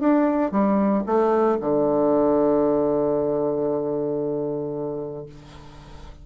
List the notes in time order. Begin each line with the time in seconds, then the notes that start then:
0.00 D4
0.52 G3
1.06 A3
1.61 D3